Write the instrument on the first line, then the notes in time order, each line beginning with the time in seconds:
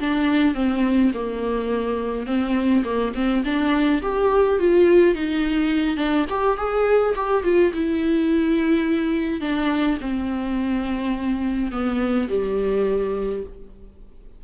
viola
0.00 D4
0.55 C4
1.14 A#3
2.26 C4
2.84 A#3
3.15 C4
3.45 D4
4.02 G4
4.59 F4
5.15 D#4
5.97 D4
6.30 G4
6.57 G#4
7.16 G4
7.44 F4
7.73 E4
9.41 D4
10.01 C4
11.72 B3
12.29 G3